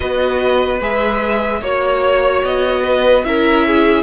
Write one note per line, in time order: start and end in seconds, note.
0.00 0.80 B3
0.00 0.79 F#4
0.00 1.60 B4
0.00 0.81 D#5
0.80 1.61 G#3
0.80 1.62 G#4
0.80 1.63 E5
1.60 2.42 A#3
1.60 3.24 F#4
1.60 2.82 C#5
1.60 2.44 C#5
2.43 3.24 B3
2.43 3.24 D#5
2.84 3.24 B4
3.24 4.03 C#4
3.24 4.03 E4
3.24 3.67 A#4
3.24 4.03 E5
3.67 4.03 G#4